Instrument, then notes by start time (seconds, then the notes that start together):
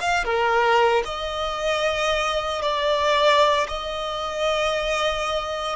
violin
0.00 F5
0.24 A#4
1.05 D#5
2.61 D5
3.67 D#5